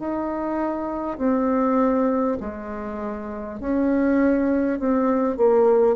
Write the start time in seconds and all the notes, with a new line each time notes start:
0.00 D#4
1.18 C4
2.41 G#3
3.61 C#4
4.80 C4
5.37 A#3